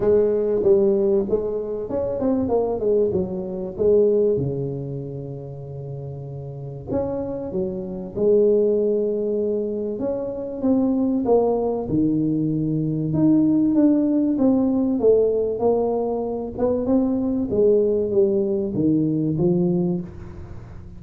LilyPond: \new Staff \with { instrumentName = "tuba" } { \time 4/4 \tempo 4 = 96 gis4 g4 gis4 cis'8 c'8 | ais8 gis8 fis4 gis4 cis4~ | cis2. cis'4 | fis4 gis2. |
cis'4 c'4 ais4 dis4~ | dis4 dis'4 d'4 c'4 | a4 ais4. b8 c'4 | gis4 g4 dis4 f4 | }